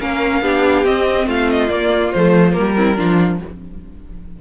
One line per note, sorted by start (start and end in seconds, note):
0.00 0.42 A#3
0.00 0.42 C#4
0.00 0.42 A#4
0.00 0.85 F5
0.42 0.84 B3
0.42 0.85 D4
0.42 1.27 G4
0.85 1.27 C4
0.85 1.69 C4
0.85 1.28 D#5
1.27 1.69 A3
1.27 2.76 F4
1.27 1.51 F5
1.51 1.69 D#5
1.69 2.12 A#3
1.69 2.12 D5
2.12 2.58 F3
2.12 2.53 A3
2.12 2.52 C5
2.52 2.99 G3
2.52 2.74 A#3
2.52 3.37 A#4
2.76 2.96 C4
2.76 2.97 E4
2.96 3.41 F3
2.96 3.39 D4
2.96 3.40 F4